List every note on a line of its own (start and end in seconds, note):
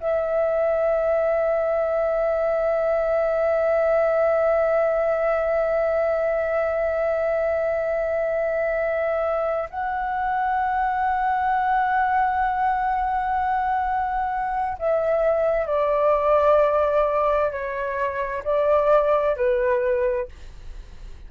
0.00 9.69 E5
9.70 14.78 F#5
14.79 15.67 E5
15.67 17.51 D5
17.51 18.43 C#5
18.44 19.36 D5
19.36 20.29 B4